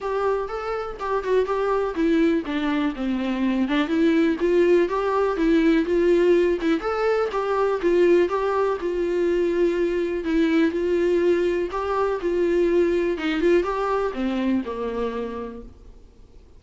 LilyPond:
\new Staff \with { instrumentName = "viola" } { \time 4/4 \tempo 4 = 123 g'4 a'4 g'8 fis'8 g'4 | e'4 d'4 c'4. d'8 | e'4 f'4 g'4 e'4 | f'4. e'8 a'4 g'4 |
f'4 g'4 f'2~ | f'4 e'4 f'2 | g'4 f'2 dis'8 f'8 | g'4 c'4 ais2 | }